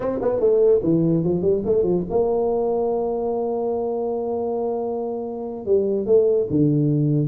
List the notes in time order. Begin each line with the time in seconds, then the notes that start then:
0.00 C4
0.21 B3
0.40 A3
0.83 E3
1.23 F3
1.42 G3
1.65 A3
1.83 F3
2.09 A#3
5.65 G3
6.06 A3
6.50 D3